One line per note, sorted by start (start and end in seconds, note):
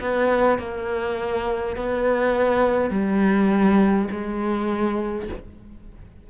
0.00 0.58 B3
0.58 1.76 A#3
1.76 2.90 B3
2.90 4.07 G3
4.11 5.28 G#3